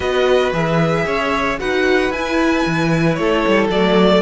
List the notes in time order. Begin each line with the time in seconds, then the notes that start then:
0.00 B3 F#4 B4 D#5
0.52 E3 G#4 E5
1.06 C#4 C#5
1.59 D#4 F#4 B4 F#5
2.10 E4 G#5
2.66 E3
3.14 A3 C#5
3.20 A4
3.47 G3
3.68 F#3 A3 D5